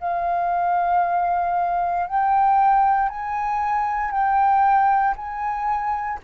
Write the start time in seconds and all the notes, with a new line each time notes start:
0.00 F5
2.06 G5
3.08 G#5
4.11 G5
5.16 G#5